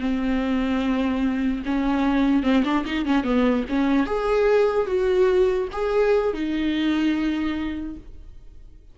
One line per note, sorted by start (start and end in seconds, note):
0.00 1.63 C4
1.66 2.43 C#4
2.43 2.64 C4
2.65 2.85 D4
2.86 3.06 D#4
3.06 3.24 C#4
3.24 3.65 B3
3.69 4.07 C#4
4.07 4.87 G#4
4.87 5.68 F#4
5.73 6.34 G#4
6.34 7.97 D#4